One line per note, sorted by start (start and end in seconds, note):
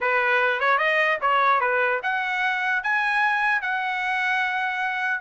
0.00 0.60 B4
0.60 0.78 C#5
0.78 1.18 D#5
1.21 1.60 C#5
1.60 2.00 B4
2.02 2.83 F#5
2.83 3.61 G#5
3.61 5.20 F#5